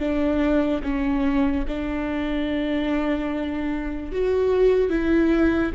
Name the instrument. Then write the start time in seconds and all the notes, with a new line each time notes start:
viola
0.00 D4
0.83 C#4
1.68 D4
4.12 F#4
4.90 E4